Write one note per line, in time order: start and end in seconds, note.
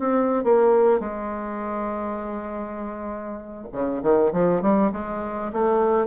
0.00 0.44 C4
0.44 1.00 A#3
1.00 3.68 G#3
3.73 4.02 C#3
4.03 4.33 D#3
4.33 4.62 F3
4.62 4.92 G3
4.93 5.52 G#3
5.53 6.07 A3